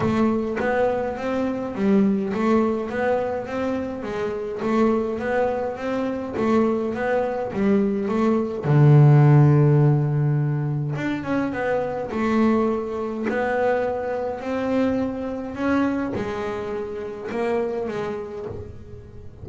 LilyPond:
\new Staff \with { instrumentName = "double bass" } { \time 4/4 \tempo 4 = 104 a4 b4 c'4 g4 | a4 b4 c'4 gis4 | a4 b4 c'4 a4 | b4 g4 a4 d4~ |
d2. d'8 cis'8 | b4 a2 b4~ | b4 c'2 cis'4 | gis2 ais4 gis4 | }